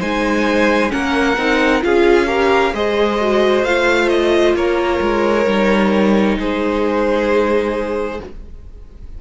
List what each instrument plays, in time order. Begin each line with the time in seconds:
0.00 cello G#3, viola D#4, violin C5 G#5
0.90 cello A#3, viola C#4, violin A#4 F#5
1.37 cello C4, viola D#4
1.81 cello C#4, viola F4, violin G#4 F5
2.27 viola G4, violin A#4
2.73 cello G#3, viola G#4, violin C5 D#5
3.21 viola F#4
3.64 cello A3, viola F4, violin F5
4.09 violin D#5
4.55 cello A#3, violin A#4 C#5
5.01 cello G#3
5.46 cello G3, viola D#4
6.38 cello G#3, violin G#4 C5